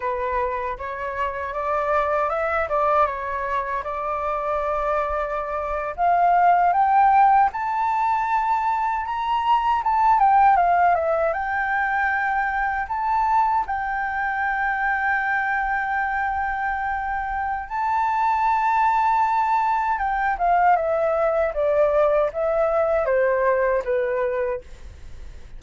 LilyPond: \new Staff \with { instrumentName = "flute" } { \time 4/4 \tempo 4 = 78 b'4 cis''4 d''4 e''8 d''8 | cis''4 d''2~ d''8. f''16~ | f''8. g''4 a''2 ais''16~ | ais''8. a''8 g''8 f''8 e''8 g''4~ g''16~ |
g''8. a''4 g''2~ g''16~ | g''2. a''4~ | a''2 g''8 f''8 e''4 | d''4 e''4 c''4 b'4 | }